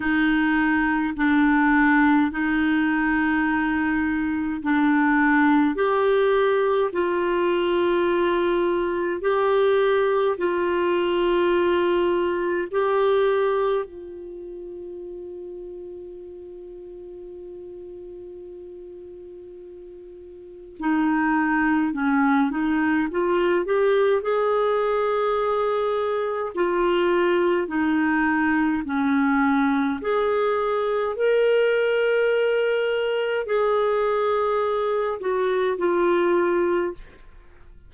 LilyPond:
\new Staff \with { instrumentName = "clarinet" } { \time 4/4 \tempo 4 = 52 dis'4 d'4 dis'2 | d'4 g'4 f'2 | g'4 f'2 g'4 | f'1~ |
f'2 dis'4 cis'8 dis'8 | f'8 g'8 gis'2 f'4 | dis'4 cis'4 gis'4 ais'4~ | ais'4 gis'4. fis'8 f'4 | }